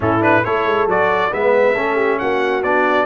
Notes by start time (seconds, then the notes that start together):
0.00 A2 C#4 E4 A4
0.20 D4 B4
0.44 A3 E4 A4 C#5
0.65 G#3
0.86 F#3 F#4 D5
1.30 G#3 B3 B4 E5
1.75 A3 C#4 A4
1.95 G4
2.18 A#3 F#4 F#5
2.63 B3 D4 D5